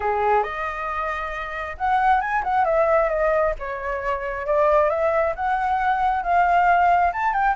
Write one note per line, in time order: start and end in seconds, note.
0.00 0.43 G#4
0.43 1.76 D#5
1.77 2.20 F#5
2.20 2.42 G#5
2.43 2.64 F#5
2.64 3.09 E5
3.09 3.53 D#5
3.59 4.46 C#5
4.46 4.89 D5
4.89 5.34 E5
5.35 6.23 F#5
6.23 7.12 F5
7.12 7.33 A5
7.33 7.55 G5